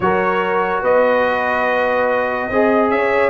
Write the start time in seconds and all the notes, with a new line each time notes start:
0.00 F#3 F#4 A#4 C#5
0.82 B3 B4 D#5
2.49 C4 G#4 D#5
2.89 C#4 C#5 E5